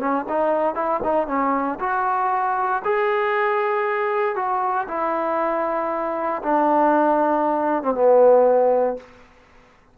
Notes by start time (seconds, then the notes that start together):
0.00 C#4
0.29 D#4
0.75 E4
1.04 D#4
1.28 C#4
1.80 F#4
2.85 G#4
4.36 F#4
4.89 E4
6.43 D4
7.83 C4
7.95 B3